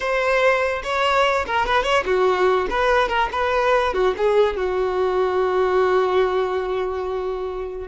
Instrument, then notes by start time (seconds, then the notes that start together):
violin
0.00 C5
0.83 C#5
1.46 A#4
1.66 B4
1.83 C#5
2.05 F#4
2.70 B4
3.08 A#4
3.32 B4
3.93 F#4
4.17 G#4
4.56 F#4